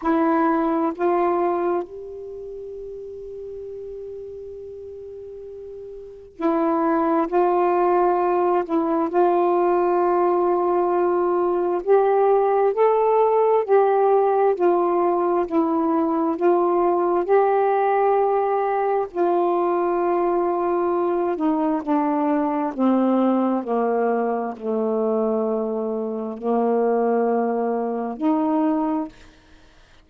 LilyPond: \new Staff \with { instrumentName = "saxophone" } { \time 4/4 \tempo 4 = 66 e'4 f'4 g'2~ | g'2. e'4 | f'4. e'8 f'2~ | f'4 g'4 a'4 g'4 |
f'4 e'4 f'4 g'4~ | g'4 f'2~ f'8 dis'8 | d'4 c'4 ais4 a4~ | a4 ais2 dis'4 | }